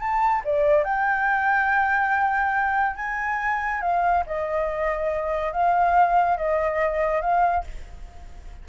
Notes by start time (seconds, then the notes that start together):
0.00 A5
0.45 D5
0.85 G5
2.96 G#5
3.82 F5
4.27 D#5
5.53 F5
6.38 D#5
7.22 F5